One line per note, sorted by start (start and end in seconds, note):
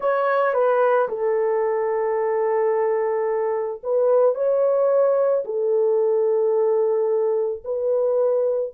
0.00 0.53 C#5
0.53 1.08 B4
1.08 3.81 A4
3.83 4.34 B4
4.34 5.43 C#5
5.44 7.63 A4
7.64 8.73 B4